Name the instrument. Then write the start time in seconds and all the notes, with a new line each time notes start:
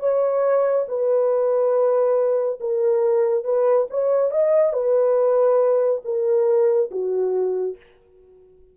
horn
0.00 C#5
0.88 B4
2.60 A#4
3.44 B4
3.91 C#5
4.31 D#5
4.73 B4
6.05 A#4
6.91 F#4